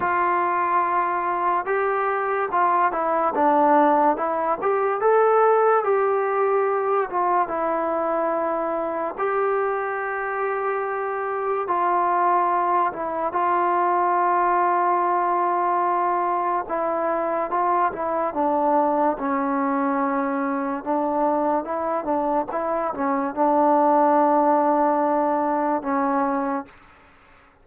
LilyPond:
\new Staff \with { instrumentName = "trombone" } { \time 4/4 \tempo 4 = 72 f'2 g'4 f'8 e'8 | d'4 e'8 g'8 a'4 g'4~ | g'8 f'8 e'2 g'4~ | g'2 f'4. e'8 |
f'1 | e'4 f'8 e'8 d'4 cis'4~ | cis'4 d'4 e'8 d'8 e'8 cis'8 | d'2. cis'4 | }